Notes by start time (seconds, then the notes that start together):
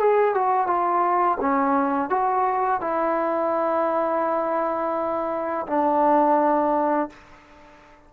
0.00 G#4
0.35 F#4
0.67 F4
1.41 C#4
2.10 F#4
2.81 E4
5.68 D4